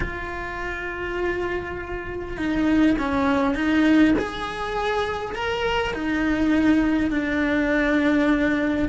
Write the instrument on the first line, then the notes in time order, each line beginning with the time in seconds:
cello
0.00 F4
2.37 D#4
2.98 C#4
3.55 D#4
4.18 G#4
5.35 A#4
5.93 D#4
7.10 D4